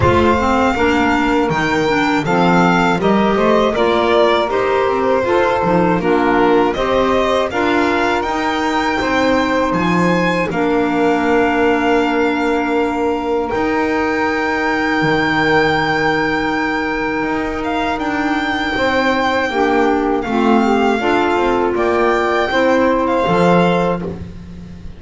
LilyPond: <<
  \new Staff \with { instrumentName = "violin" } { \time 4/4 \tempo 4 = 80 f''2 g''4 f''4 | dis''4 d''4 c''2 | ais'4 dis''4 f''4 g''4~ | g''4 gis''4 f''2~ |
f''2 g''2~ | g''2.~ g''8 f''8 | g''2. f''4~ | f''4 g''4.~ g''16 f''4~ f''16 | }
  \new Staff \with { instrumentName = "saxophone" } { \time 4/4 c''4 ais'2 a'4 | ais'8 c''8 ais'2 a'4 | f'4 c''4 ais'2 | c''2 ais'2~ |
ais'1~ | ais'1~ | ais'4 c''4 g'4 f'8 g'8 | a'4 d''4 c''2 | }
  \new Staff \with { instrumentName = "clarinet" } { \time 4/4 f'8 c'8 d'4 dis'8 d'8 c'4 | g'4 f'4 g'4 f'8 dis'8 | d'4 g'4 f'4 dis'4~ | dis'2 d'2~ |
d'2 dis'2~ | dis'1~ | dis'2 d'4 c'4 | f'2 e'4 a'4 | }
  \new Staff \with { instrumentName = "double bass" } { \time 4/4 a4 ais4 dis4 f4 | g8 a8 ais4 dis'8 c'8 f'8 f8 | ais4 c'4 d'4 dis'4 | c'4 f4 ais2~ |
ais2 dis'2 | dis2. dis'4 | d'4 c'4 ais4 a4 | d'8 c'8 ais4 c'4 f4 | }
>>